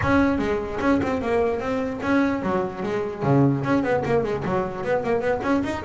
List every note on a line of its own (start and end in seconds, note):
0.02 0.38 C#4
0.38 0.78 G#3
0.80 1.00 C#4
1.02 1.21 C4
1.21 1.59 A#3
1.59 2.00 C4
2.02 2.42 C#4
2.42 2.82 F#3
2.82 3.23 G#3
3.23 3.63 C#3
3.64 3.83 C#4
3.83 4.03 B3
4.05 4.23 A#3
4.23 4.43 G#3
4.45 4.83 F#3
4.83 5.03 B3
5.03 5.20 A#3
5.20 5.41 B3
5.42 5.62 C#4
5.63 5.83 D#4